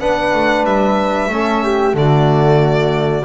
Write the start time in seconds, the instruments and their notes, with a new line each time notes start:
0.00 double bass B3, trombone D4, flute B4, violin F#5
0.34 double bass A3
0.65 double bass G3, violin E5
1.29 double bass A3, trombone C#4, flute A4
1.64 flute G4
1.93 double bass D3, trombone A3, flute F#4, violin D5